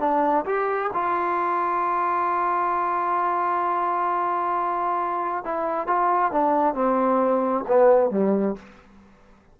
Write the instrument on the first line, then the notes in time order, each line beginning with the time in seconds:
trombone
0.00 D4
0.46 G4
0.94 F4
5.44 E4
5.87 F4
6.32 D4
6.74 C4
7.68 B3
8.11 G3